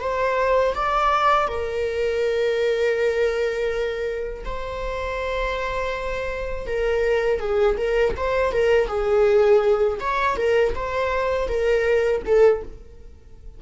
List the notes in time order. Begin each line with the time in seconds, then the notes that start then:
0.00 C5
0.74 D5
1.48 A#4
4.45 C5
6.66 A#4
7.39 G#4
7.77 A#4
8.16 C5
8.52 A#4
8.87 G#4
10.00 C#5
10.36 A#4
10.75 C5
11.48 A#4
12.25 A4